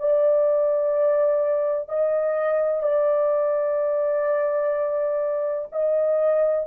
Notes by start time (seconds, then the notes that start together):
0.00 D5
1.89 D#5
2.83 D5
5.72 D#5